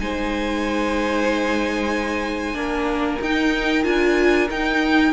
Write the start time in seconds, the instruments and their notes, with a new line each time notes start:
0.00 cello G#3, viola D#4, violin C5 G#5
2.54 cello A#3, viola D4, violin A#4
3.22 cello D#4, viola D#4, violin G5
3.83 cello D4, viola F4, violin G#5
4.51 cello D#4, viola D#4, violin G5